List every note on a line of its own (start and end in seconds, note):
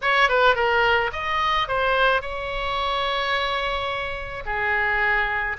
0.01 0.28 C#5
0.28 0.55 B4
0.55 1.10 A#4
1.12 1.67 D#5
1.67 2.21 C5
2.21 4.43 C#5
4.45 5.57 G#4